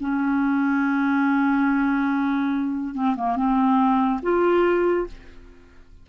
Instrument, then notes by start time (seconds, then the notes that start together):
clarinet
0.00 C#4
2.94 C4
3.16 A#3
3.36 C4
4.22 F4